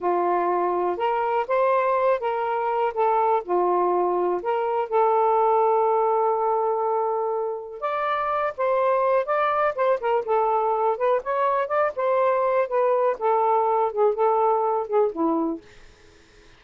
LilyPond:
\new Staff \with { instrumentName = "saxophone" } { \time 4/4 \tempo 4 = 123 f'2 ais'4 c''4~ | c''8 ais'4. a'4 f'4~ | f'4 ais'4 a'2~ | a'1 |
d''4. c''4. d''4 | c''8 ais'8 a'4. b'8 cis''4 | d''8 c''4. b'4 a'4~ | a'8 gis'8 a'4. gis'8 e'4 | }